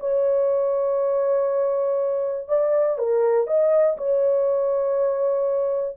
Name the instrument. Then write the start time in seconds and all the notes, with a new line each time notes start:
horn
0.00 C#5
2.48 D5
2.99 A#4
3.47 D#5
3.98 C#5